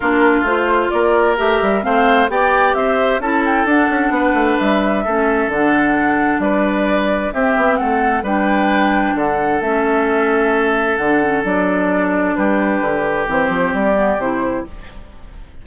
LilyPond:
<<
  \new Staff \with { instrumentName = "flute" } { \time 4/4 \tempo 4 = 131 ais'4 c''4 d''4 e''4 | f''4 g''4 e''4 a''8 g''8 | fis''2 e''2 | fis''2 d''2 |
e''4 fis''4 g''2 | fis''4 e''2. | fis''4 d''2 b'4~ | b'4 c''4 d''4 c''4 | }
  \new Staff \with { instrumentName = "oboe" } { \time 4/4 f'2 ais'2 | c''4 d''4 c''4 a'4~ | a'4 b'2 a'4~ | a'2 b'2 |
g'4 a'4 b'2 | a'1~ | a'2. g'4~ | g'1 | }
  \new Staff \with { instrumentName = "clarinet" } { \time 4/4 d'4 f'2 g'4 | c'4 g'2 e'4 | d'2. cis'4 | d'1 |
c'2 d'2~ | d'4 cis'2. | d'8 cis'8 d'2.~ | d'4 c'4. b8 e'4 | }
  \new Staff \with { instrumentName = "bassoon" } { \time 4/4 ais4 a4 ais4 a8 g8 | a4 b4 c'4 cis'4 | d'8 cis'8 b8 a8 g4 a4 | d2 g2 |
c'8 b8 a4 g2 | d4 a2. | d4 fis2 g4 | d4 e8 f8 g4 c4 | }
>>